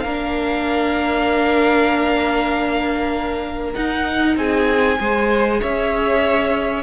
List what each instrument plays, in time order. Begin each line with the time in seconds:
0.00 cello A#3, viola D4, violin A#4 F5
3.74 viola D#4, cello D#4, violin F#5
4.36 cello C4, violin G#4 G#5
4.99 cello G#3, viola G#4, violin C5
5.60 cello C#4, violin C#5 E5